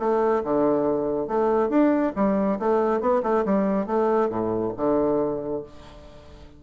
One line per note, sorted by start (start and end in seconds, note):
0.00 0.43 A3
0.44 1.28 D3
1.28 1.70 A3
1.70 2.13 D4
2.16 2.59 G3
2.59 3.01 A3
3.01 3.23 B3
3.23 3.45 A3
3.46 3.87 G3
3.87 4.30 A3
4.30 4.73 A2
4.77 5.64 D3